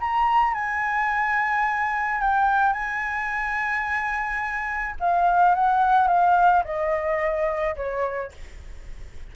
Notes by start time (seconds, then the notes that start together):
0.00 A#5
0.54 G#5
2.21 G5
2.73 G#5
5.00 F5
5.55 F#5
6.08 F5
6.64 D#5
7.76 C#5